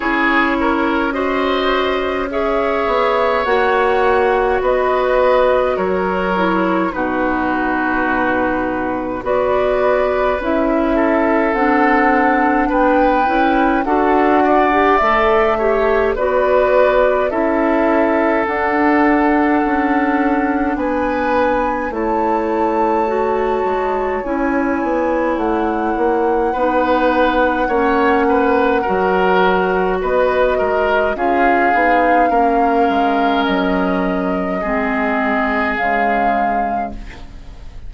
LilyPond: <<
  \new Staff \with { instrumentName = "flute" } { \time 4/4 \tempo 4 = 52 cis''4 dis''4 e''4 fis''4 | dis''4 cis''4 b'2 | d''4 e''4 fis''4 g''4 | fis''4 e''4 d''4 e''4 |
fis''2 gis''4 a''4~ | a''4 gis''4 fis''2~ | fis''2 dis''4 f''4~ | f''4 dis''2 f''4 | }
  \new Staff \with { instrumentName = "oboe" } { \time 4/4 gis'8 ais'8 c''4 cis''2 | b'4 ais'4 fis'2 | b'4. a'4. b'4 | a'8 d''4 cis''8 b'4 a'4~ |
a'2 b'4 cis''4~ | cis''2. b'4 | cis''8 b'8 ais'4 b'8 ais'8 gis'4 | ais'2 gis'2 | }
  \new Staff \with { instrumentName = "clarinet" } { \time 4/4 e'4 fis'4 gis'4 fis'4~ | fis'4. e'8 dis'2 | fis'4 e'4 d'4. e'8 | fis'8. g'16 a'8 g'8 fis'4 e'4 |
d'2. e'4 | fis'4 e'2 dis'4 | cis'4 fis'2 f'8 dis'8 | cis'2 c'4 gis4 | }
  \new Staff \with { instrumentName = "bassoon" } { \time 4/4 cis'2~ cis'8 b8 ais4 | b4 fis4 b,2 | b4 cis'4 c'4 b8 cis'8 | d'4 a4 b4 cis'4 |
d'4 cis'4 b4 a4~ | a8 gis8 cis'8 b8 a8 ais8 b4 | ais4 fis4 b8 gis8 cis'8 b8 | ais8 gis8 fis4 gis4 cis4 | }
>>